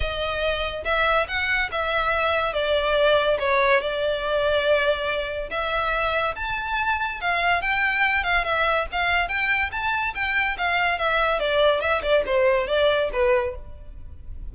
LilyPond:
\new Staff \with { instrumentName = "violin" } { \time 4/4 \tempo 4 = 142 dis''2 e''4 fis''4 | e''2 d''2 | cis''4 d''2.~ | d''4 e''2 a''4~ |
a''4 f''4 g''4. f''8 | e''4 f''4 g''4 a''4 | g''4 f''4 e''4 d''4 | e''8 d''8 c''4 d''4 b'4 | }